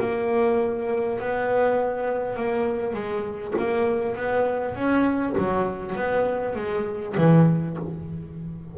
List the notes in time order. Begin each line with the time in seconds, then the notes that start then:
0.00 A#3
1.20 B3
2.36 A#3
2.94 G#3
3.58 A#3
4.16 B3
4.76 C#4
5.38 F#3
5.96 B3
6.56 G#3
7.18 E3